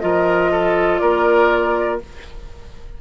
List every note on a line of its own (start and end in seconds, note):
0.00 1.01 F3
0.00 2.00 F4
0.00 0.51 A#4
0.00 0.98 D#5
0.51 1.01 A4
0.98 2.01 A#3
0.98 2.01 A#4
0.98 1.98 D5